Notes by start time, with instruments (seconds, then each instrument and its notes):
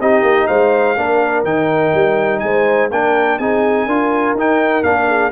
0.00 tuba C4, trombone D#4, horn G4, trumpet D#5
0.22 tuba A#3
0.47 tuba G#3, horn C5, trumpet F5
0.97 tuba A#3, trombone D4, horn A#4
1.44 tuba D#3, trombone D#4, trumpet G5
1.94 tuba G3
2.40 tuba G#3, horn C5, trumpet G#5
2.90 tuba A#3, trombone D4, horn A#4, trumpet G5
3.39 tuba C4, trombone D#4, horn G#4, trumpet G#5
3.86 tuba D4, trombone F4, horn A#4
4.34 tuba D#4, trombone D#4, trumpet G5
4.83 tuba A#3, trombone D4, trumpet F5
5.07 horn G#4